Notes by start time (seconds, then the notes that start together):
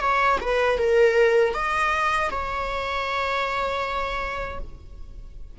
0.00 C#5
0.41 B4
0.78 A#4
1.54 D#5
2.30 C#5